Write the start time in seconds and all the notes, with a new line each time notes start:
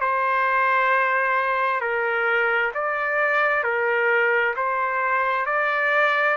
0.00 C5
1.81 A#4
2.74 D5
3.63 A#4
4.56 C5
5.46 D5